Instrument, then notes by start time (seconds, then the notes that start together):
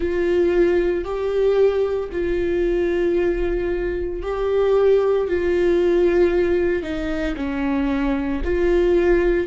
viola
0.00 F4
1.04 G4
2.11 F4
4.22 G4
5.27 F4
6.82 D#4
7.36 C#4
8.44 F4